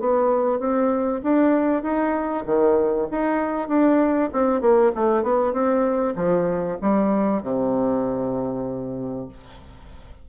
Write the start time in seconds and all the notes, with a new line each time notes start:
0.00 B3
0.59 C4
1.23 D4
1.82 D#4
2.46 D#3
3.11 D#4
3.68 D4
4.32 C4
4.61 A#3
4.95 A3
5.23 B3
5.53 C4
6.16 F3
6.81 G3
7.43 C3